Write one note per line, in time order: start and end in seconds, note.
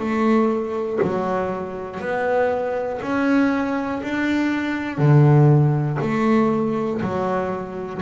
0.00 1.00 A3
1.03 2.01 F#3
2.01 3.01 B3
3.02 4.02 C#4
4.03 4.99 D4
4.99 5.99 D3
6.01 7.01 A3
7.02 8.02 F#3